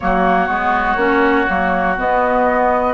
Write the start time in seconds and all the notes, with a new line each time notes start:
0.00 F#3 A#3 F#4 C#5
0.47 G#3 B3
0.95 A#3 C#4
1.47 F#3 A#3
1.96 B3 D#5